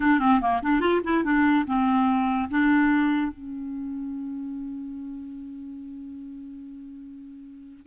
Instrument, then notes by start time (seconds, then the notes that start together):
clarinet
0.00 D4
0.19 C4
0.41 A#3
0.62 D4
0.80 F4
1.04 E4
1.24 D4
1.66 C4
2.50 D4
3.32 C#4